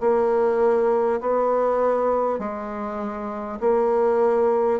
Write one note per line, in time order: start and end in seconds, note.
0.00 1.20 A#3
1.21 2.39 B3
2.39 3.59 G#3
3.61 4.80 A#3